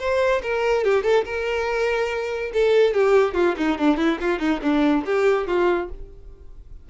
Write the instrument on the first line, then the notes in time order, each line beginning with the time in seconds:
violin
0.00 C5
0.43 A#4
0.85 G4
1.04 A4
1.26 A#4
2.54 A4
2.94 G4
3.35 F4
3.58 D#4
3.79 D4
3.98 E4
4.21 F4
4.40 D#4
4.63 D4
5.06 G4
5.48 F4